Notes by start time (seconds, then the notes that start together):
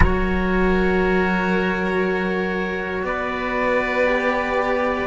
0.00 F#3 F#4 A#4 C#5
3.03 B3 B4 D5
4.07 G4